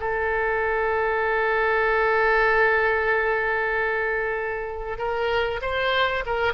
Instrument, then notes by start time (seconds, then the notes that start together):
oboe
0.00 A4
4.98 A#4
5.61 C5
6.26 A#4